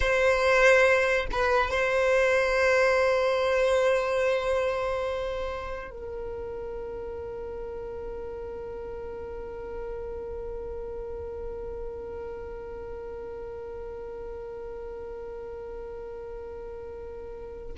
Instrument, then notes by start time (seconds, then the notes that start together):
violin
0.00 C5
1.31 B4
1.70 C5
5.90 A#4